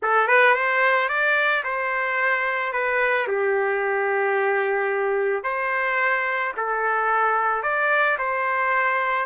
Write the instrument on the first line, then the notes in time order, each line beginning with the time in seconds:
trumpet
0.02 A4
0.27 B4
0.54 C5
1.08 D5
1.64 C5
2.72 B4
3.27 G4
5.43 C5
6.57 A4
7.62 D5
8.18 C5